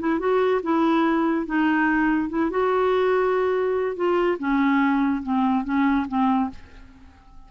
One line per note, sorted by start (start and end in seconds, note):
0.00 0.20 E4
0.20 0.62 F#4
0.63 1.46 E4
1.46 2.30 D#4
2.30 2.51 E4
2.51 3.96 F#4
3.96 4.38 F4
4.39 5.23 C#4
5.23 5.65 C4
5.65 6.07 C#4
6.08 6.50 C4